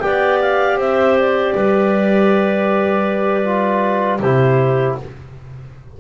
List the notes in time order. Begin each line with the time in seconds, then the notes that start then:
0.00 B3 G4 D5 G5
0.41 F5
0.78 C4 C5 E5
1.19 D5
1.55 G3 B4
3.44 F4
4.19 C3 E4 G4 C5